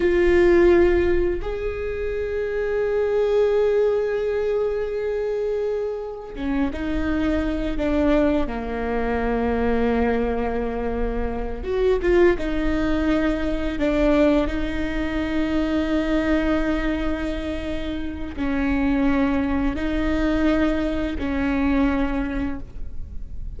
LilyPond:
\new Staff \with { instrumentName = "viola" } { \time 4/4 \tempo 4 = 85 f'2 gis'2~ | gis'1~ | gis'4 cis'8 dis'4. d'4 | ais1~ |
ais8 fis'8 f'8 dis'2 d'8~ | d'8 dis'2.~ dis'8~ | dis'2 cis'2 | dis'2 cis'2 | }